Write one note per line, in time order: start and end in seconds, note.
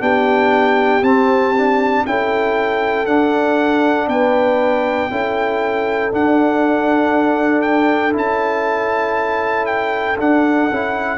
0.00 1.02 B3
0.00 1.02 D4
0.00 2.06 G4
0.00 1.04 G5
1.02 2.04 C4
1.02 1.56 C4
1.02 2.06 A5
1.58 2.07 D4
2.06 3.07 C#4
2.06 3.07 E4
2.06 4.09 A4
2.06 3.06 G5
3.06 4.08 D4
3.06 5.10 D4
3.06 4.08 F#5
4.08 5.10 B3
4.08 5.11 B4
4.08 6.12 G5
5.11 6.12 C#4
5.11 6.12 E4
5.11 11.18 A4
6.12 8.12 D4
6.12 8.16 D4
6.12 7.62 F#5
7.62 8.12 G5
8.12 10.19 C#4
8.12 10.16 E4
8.12 9.66 A5
9.66 10.17 G5
10.19 10.70 D4
10.19 10.71 D4
10.19 11.18 F#5
10.71 11.18 C#4
10.71 11.18 E4